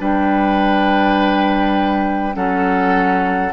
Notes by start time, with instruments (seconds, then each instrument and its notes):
0.00 bassoon G3, clarinet D4, oboe B4, flute G5
2.34 bassoon F#3, clarinet C#4, oboe A4, flute F#5